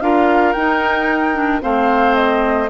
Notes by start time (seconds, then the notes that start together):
0.00 D4 F4 A#4 F5
0.52 D#4 G5
1.33 D4
1.61 A3 C4 C5 F5
2.15 D#5